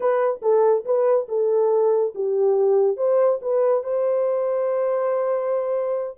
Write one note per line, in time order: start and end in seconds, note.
0.00 0.40 B4
0.42 0.84 A4
0.85 1.27 B4
1.28 2.13 A4
2.14 2.97 G4
2.97 3.39 C5
3.41 3.83 B4
3.83 6.17 C5